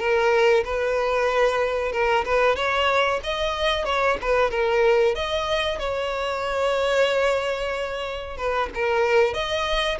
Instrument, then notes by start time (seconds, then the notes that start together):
violin
0.00 A#4
0.65 B4
1.93 A#4
2.26 B4
2.56 C#5
3.24 D#5
3.86 C#5
4.22 B4
4.51 A#4
5.15 D#5
5.79 C#5
8.38 B4
8.75 A#4
9.34 D#5